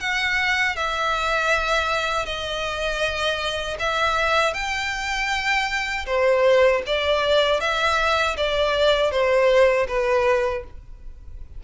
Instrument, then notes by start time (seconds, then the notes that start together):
violin
0.00 F#5
0.76 E5
2.25 D#5
3.79 E5
4.54 G5
6.06 C5
6.87 D5
7.61 E5
8.37 D5
9.11 C5
9.88 B4